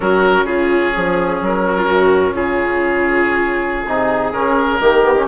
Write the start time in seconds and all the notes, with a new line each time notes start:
0.00 F#3 C#4 F#4 A#4
0.43 C#3 F4 G#4
0.93 F3 G#4
1.41 F#3 A#4
1.67 F#4
1.77 F4
1.85 F#2 F#4
2.33 C#3 F4 G#4
3.86 C3 D#4 G#4
4.32 C#3 C#4 A#4
4.79 D#3 A#3 G4
5.03 B3
5.17 C#4